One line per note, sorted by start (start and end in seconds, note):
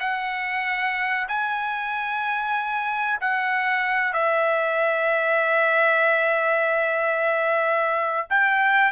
0.00 1.28 F#5
1.28 3.19 G#5
3.21 4.13 F#5
4.13 8.28 E5
8.30 8.92 G5